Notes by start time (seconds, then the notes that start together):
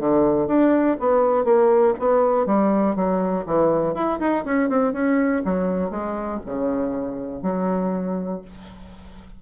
0.00 D3
0.48 D4
1.00 B3
1.45 A#3
1.99 B3
2.47 G3
2.96 F#3
3.46 E3
3.95 E4
4.20 D#4
4.45 C#4
4.70 C4
4.93 C#4
5.45 F#3
5.91 G#3
6.46 C#3
7.43 F#3